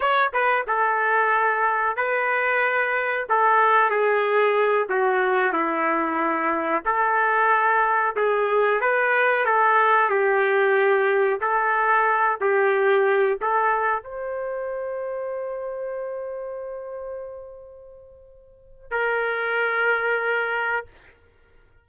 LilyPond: \new Staff \with { instrumentName = "trumpet" } { \time 4/4 \tempo 4 = 92 cis''8 b'8 a'2 b'4~ | b'4 a'4 gis'4. fis'8~ | fis'8 e'2 a'4.~ | a'8 gis'4 b'4 a'4 g'8~ |
g'4. a'4. g'4~ | g'8 a'4 c''2~ c''8~ | c''1~ | c''4 ais'2. | }